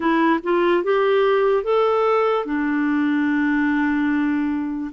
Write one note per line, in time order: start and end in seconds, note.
0.00 0.39 E4
0.43 0.83 F4
0.83 1.63 G4
1.63 2.45 A4
2.45 4.91 D4